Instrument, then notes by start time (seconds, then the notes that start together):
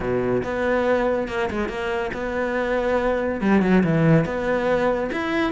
cello
0.00 B2
0.43 B3
1.28 A#3
1.50 G#3
1.68 A#3
2.13 B3
3.40 G3
3.62 F#3
3.83 E3
4.25 B3
5.12 E4